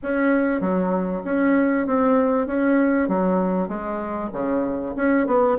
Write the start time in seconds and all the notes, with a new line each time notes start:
0.03 C#4
0.60 F#3
1.25 C#4
1.86 C4
2.47 C#4
3.08 F#3
3.68 G#3
4.32 C#3
4.96 C#4
5.26 B3